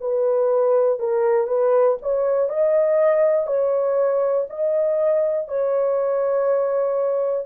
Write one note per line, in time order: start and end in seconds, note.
0.00 0.99 B4
0.99 1.47 A#4
1.47 1.97 B4
2.02 2.49 C#5
2.49 3.46 D#5
3.46 4.46 C#5
4.49 5.48 D#5
5.48 7.46 C#5